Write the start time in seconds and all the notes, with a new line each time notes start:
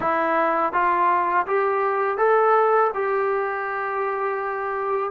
0.00 E4
0.73 F4
1.46 G4
2.17 A4
2.94 G4